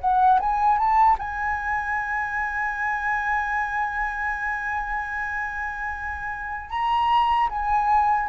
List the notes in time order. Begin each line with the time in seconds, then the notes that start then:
0.00 F#5
0.40 G#5
0.78 A5
1.19 G#5
6.70 A#5
7.50 G#5